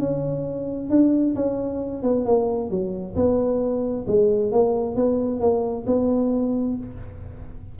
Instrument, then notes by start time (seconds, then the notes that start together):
tuba
0.00 C#4
0.90 D4
1.36 C#4
2.03 B3
2.26 A#3
2.71 F#3
3.16 B3
4.08 G#3
4.52 A#3
4.96 B3
5.41 A#3
5.87 B3